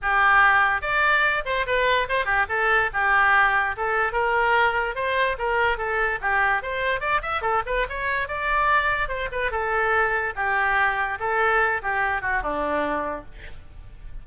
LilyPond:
\new Staff \with { instrumentName = "oboe" } { \time 4/4 \tempo 4 = 145 g'2 d''4. c''8 | b'4 c''8 g'8 a'4 g'4~ | g'4 a'4 ais'2 | c''4 ais'4 a'4 g'4 |
c''4 d''8 e''8 a'8 b'8 cis''4 | d''2 c''8 b'8 a'4~ | a'4 g'2 a'4~ | a'8 g'4 fis'8 d'2 | }